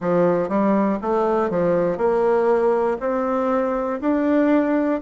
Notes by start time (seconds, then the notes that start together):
0.00 F3
0.49 G3
1.01 A3
1.50 F3
1.97 A#3
3.00 C4
4.00 D4